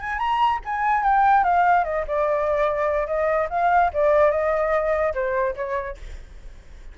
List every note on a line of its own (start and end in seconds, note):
0.00 0.18 G#5
0.18 0.60 A#5
0.65 1.03 G#5
1.03 1.44 G5
1.44 1.84 F5
1.84 2.05 D#5
2.07 3.07 D5
3.07 3.48 D#5
3.50 3.91 F5
3.93 4.31 D5
4.31 5.13 D#5
5.14 5.55 C5
5.56 5.97 C#5